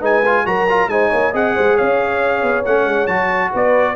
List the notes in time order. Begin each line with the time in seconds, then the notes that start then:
0.00 G#3 D#4 B4 G#5
0.26 F4
0.45 F#3 F#4 A#4 A#5
0.69 F4
0.87 G#3 D#4 C5 G#5
1.09 A#3 C#5
1.31 C4 G#4 D#5 F#5
1.55 G#3 C5
1.76 C#4 C#5 F5
2.43 B3
2.66 A3 C#4 F#5
2.85 G#3
3.07 F#3 F#4 A5
3.52 B3 B4 D5